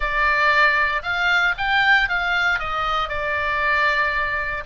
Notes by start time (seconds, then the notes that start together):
0.00 D5
1.02 F5
1.57 G5
2.08 F5
2.59 D#5
3.08 D5